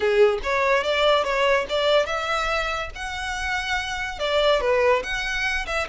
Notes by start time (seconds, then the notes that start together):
0.00 G#4
0.43 C#5
0.83 D5
1.24 C#5
1.69 D5
2.06 E5
2.95 F#5
4.19 D5
4.61 B4
5.03 F#5
5.66 E5